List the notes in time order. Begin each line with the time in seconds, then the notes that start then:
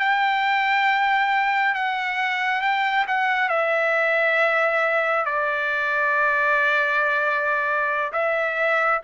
0.00 G5
1.75 F#5
2.61 G5
3.08 F#5
3.49 E5
5.25 D5
8.13 E5